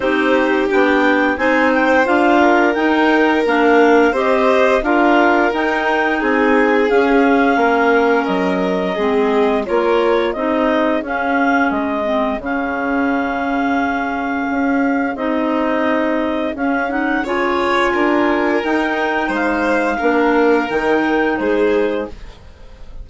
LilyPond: <<
  \new Staff \with { instrumentName = "clarinet" } { \time 4/4 \tempo 4 = 87 c''4 g''4 gis''8 g''8 f''4 | g''4 f''4 dis''4 f''4 | g''4 gis''4 f''2 | dis''2 cis''4 dis''4 |
f''4 dis''4 f''2~ | f''2 dis''2 | f''8 fis''8 gis''2 g''4 | f''2 g''4 c''4 | }
  \new Staff \with { instrumentName = "violin" } { \time 4/4 g'2 c''4. ais'8~ | ais'2 c''4 ais'4~ | ais'4 gis'2 ais'4~ | ais'4 gis'4 ais'4 gis'4~ |
gis'1~ | gis'1~ | gis'4 cis''4 ais'2 | c''4 ais'2 gis'4 | }
  \new Staff \with { instrumentName = "clarinet" } { \time 4/4 dis'4 d'4 dis'4 f'4 | dis'4 d'4 g'4 f'4 | dis'2 cis'2~ | cis'4 c'4 f'4 dis'4 |
cis'4. c'8 cis'2~ | cis'2 dis'2 | cis'8 dis'8 f'2 dis'4~ | dis'4 d'4 dis'2 | }
  \new Staff \with { instrumentName = "bassoon" } { \time 4/4 c'4 b4 c'4 d'4 | dis'4 ais4 c'4 d'4 | dis'4 c'4 cis'4 ais4 | fis4 gis4 ais4 c'4 |
cis'4 gis4 cis2~ | cis4 cis'4 c'2 | cis'4 cis4 d'4 dis'4 | gis4 ais4 dis4 gis4 | }
>>